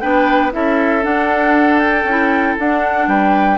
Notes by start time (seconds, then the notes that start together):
0.00 B3 D4 B4 G5
0.52 C#4 E4 A4 E5
1.02 D4 F#5
1.79 G5
2.04 C#4 E4
2.59 D4 F#5
3.07 G3 B4 G5